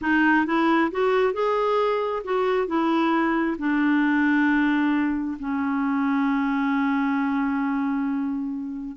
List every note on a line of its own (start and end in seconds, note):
0.01 0.46 D#4
0.46 0.90 E4
0.91 1.33 F#4
1.33 2.22 G#4
2.24 2.67 F#4
2.67 3.57 E4
3.58 5.37 D4
5.39 8.96 C#4